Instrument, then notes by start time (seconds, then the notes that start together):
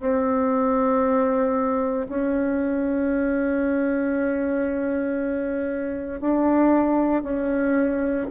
bassoon
0.00 C4
2.09 C#4
6.21 D4
7.23 C#4